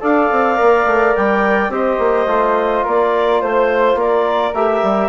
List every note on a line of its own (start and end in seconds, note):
0.00 0.31 D4
0.00 0.56 A4
0.00 1.71 D5
0.00 1.15 F5
0.31 0.59 C4
0.56 0.85 A#3
0.56 1.69 A#4
0.85 1.14 A3
1.15 1.69 G3
1.15 1.72 G5
1.69 1.97 C4
1.69 2.27 G4
1.69 2.84 C5
1.69 2.85 D#5
1.99 2.26 A#3
2.26 2.83 A3
2.26 4.53 F4
2.84 3.42 A#3
2.84 3.40 A#4
2.84 3.43 D5
3.41 3.95 A3
3.41 3.97 C5
3.41 3.99 C5
3.95 4.51 A#3
3.95 5.09 A#4
3.95 4.54 D5
4.54 4.82 A3
4.54 5.09 G4
4.54 5.09 E5
4.83 5.09 G3